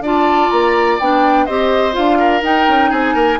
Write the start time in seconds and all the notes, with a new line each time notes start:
0.00 D4 F4 D5 A5
0.50 A#3 A#5
0.99 B3 D4 G5
1.45 C4 G4 C5 D#5
1.92 D4 F4 F5
2.18 A#4
2.42 D#4 G5
2.68 C#4
2.90 C4 G#4 G#5
3.14 A#3 A#4